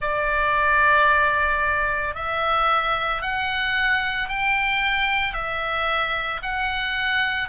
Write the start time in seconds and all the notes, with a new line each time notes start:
0.01 D5
2.14 E5
3.21 F#5
4.29 G5
5.33 E5
6.42 F#5